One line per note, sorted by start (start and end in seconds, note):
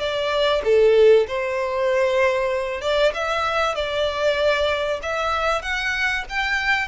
0.00 0.62 D5
0.64 1.27 A4
1.28 2.82 C5
2.82 3.13 D5
3.14 3.75 E5
3.75 5.00 D5
5.03 5.62 E5
5.62 6.25 F#5
6.30 6.88 G5